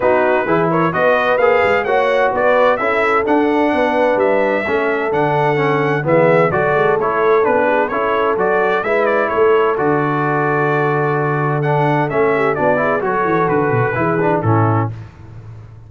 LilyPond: <<
  \new Staff \with { instrumentName = "trumpet" } { \time 4/4 \tempo 4 = 129 b'4. cis''8 dis''4 f''4 | fis''4 d''4 e''4 fis''4~ | fis''4 e''2 fis''4~ | fis''4 e''4 d''4 cis''4 |
b'4 cis''4 d''4 e''8 d''8 | cis''4 d''2.~ | d''4 fis''4 e''4 d''4 | cis''4 b'2 a'4 | }
  \new Staff \with { instrumentName = "horn" } { \time 4/4 fis'4 gis'8 ais'8 b'2 | cis''4 b'4 a'2 | b'2 a'2~ | a'4 gis'4 a'2~ |
a'8 gis'8 a'2 b'4 | a'1~ | a'2~ a'8 g'8 fis'8 gis'8 | a'2 gis'4 e'4 | }
  \new Staff \with { instrumentName = "trombone" } { \time 4/4 dis'4 e'4 fis'4 gis'4 | fis'2 e'4 d'4~ | d'2 cis'4 d'4 | cis'4 b4 fis'4 e'4 |
d'4 e'4 fis'4 e'4~ | e'4 fis'2.~ | fis'4 d'4 cis'4 d'8 e'8 | fis'2 e'8 d'8 cis'4 | }
  \new Staff \with { instrumentName = "tuba" } { \time 4/4 b4 e4 b4 ais8 gis8 | ais4 b4 cis'4 d'4 | b4 g4 a4 d4~ | d4 e4 fis8 gis8 a4 |
b4 cis'4 fis4 gis4 | a4 d2.~ | d2 a4 b4 | fis8 e8 d8 b,8 e4 a,4 | }
>>